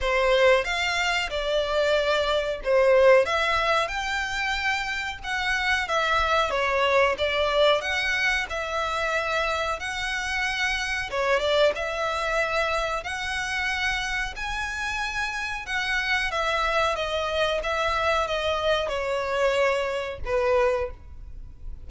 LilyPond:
\new Staff \with { instrumentName = "violin" } { \time 4/4 \tempo 4 = 92 c''4 f''4 d''2 | c''4 e''4 g''2 | fis''4 e''4 cis''4 d''4 | fis''4 e''2 fis''4~ |
fis''4 cis''8 d''8 e''2 | fis''2 gis''2 | fis''4 e''4 dis''4 e''4 | dis''4 cis''2 b'4 | }